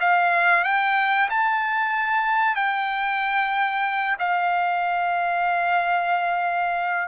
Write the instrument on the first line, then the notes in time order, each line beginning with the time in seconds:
trumpet
0.00 F5
0.64 G5
1.29 A5
2.55 G5
4.19 F5